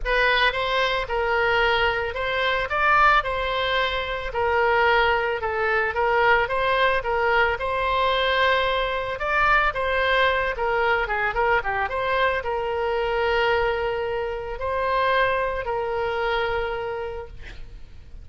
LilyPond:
\new Staff \with { instrumentName = "oboe" } { \time 4/4 \tempo 4 = 111 b'4 c''4 ais'2 | c''4 d''4 c''2 | ais'2 a'4 ais'4 | c''4 ais'4 c''2~ |
c''4 d''4 c''4. ais'8~ | ais'8 gis'8 ais'8 g'8 c''4 ais'4~ | ais'2. c''4~ | c''4 ais'2. | }